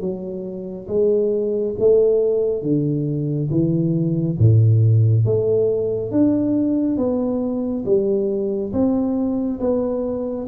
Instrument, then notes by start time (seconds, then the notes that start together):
tuba
0.00 F#3
0.88 G#3
1.79 A3
2.62 D3
3.50 E3
4.38 A2
5.25 A3
6.11 D4
6.97 B3
7.85 G3
8.72 C4
9.60 B3